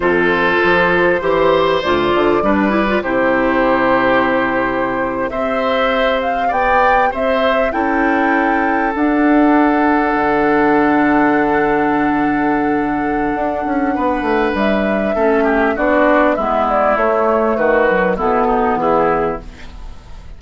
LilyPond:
<<
  \new Staff \with { instrumentName = "flute" } { \time 4/4 \tempo 4 = 99 c''2. d''4~ | d''4 c''2.~ | c''8. e''4. f''8 g''4 e''16~ | e''8. g''2 fis''4~ fis''16~ |
fis''1~ | fis''1 | e''2 d''4 e''8 d''8 | cis''4 b'4 a'4 gis'4 | }
  \new Staff \with { instrumentName = "oboe" } { \time 4/4 a'2 c''2 | b'4 g'2.~ | g'8. c''2 d''4 c''16~ | c''8. a'2.~ a'16~ |
a'1~ | a'2. b'4~ | b'4 a'8 g'8 fis'4 e'4~ | e'4 fis'4 e'8 dis'8 e'4 | }
  \new Staff \with { instrumentName = "clarinet" } { \time 4/4 f'2 g'4 f'4 | d'8 e'16 f'16 e'2.~ | e'8. g'2.~ g'16~ | g'8. e'2 d'4~ d'16~ |
d'1~ | d'1~ | d'4 cis'4 d'4 b4 | a4. fis8 b2 | }
  \new Staff \with { instrumentName = "bassoon" } { \time 4/4 f,4 f4 e4 d,8 d8 | g4 c2.~ | c8. c'2 b4 c'16~ | c'8. cis'2 d'4~ d'16~ |
d'8. d2.~ d16~ | d2 d'8 cis'8 b8 a8 | g4 a4 b4 gis4 | a4 dis4 b,4 e4 | }
>>